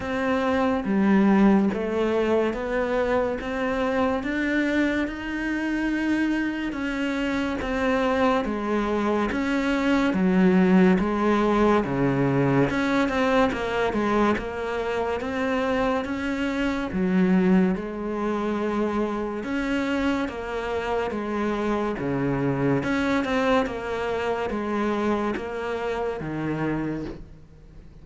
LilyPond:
\new Staff \with { instrumentName = "cello" } { \time 4/4 \tempo 4 = 71 c'4 g4 a4 b4 | c'4 d'4 dis'2 | cis'4 c'4 gis4 cis'4 | fis4 gis4 cis4 cis'8 c'8 |
ais8 gis8 ais4 c'4 cis'4 | fis4 gis2 cis'4 | ais4 gis4 cis4 cis'8 c'8 | ais4 gis4 ais4 dis4 | }